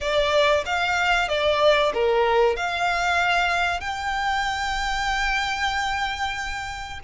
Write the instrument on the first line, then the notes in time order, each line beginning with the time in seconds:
violin
0.00 D5
0.65 F5
1.28 D5
1.93 A#4
2.56 F5
3.80 G5